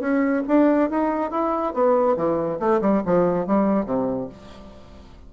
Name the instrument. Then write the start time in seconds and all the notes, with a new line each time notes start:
bassoon
0.00 C#4
0.47 D4
0.90 D#4
1.31 E4
1.73 B3
2.16 E3
2.59 A3
2.81 G3
3.05 F3
3.47 G3
3.86 C3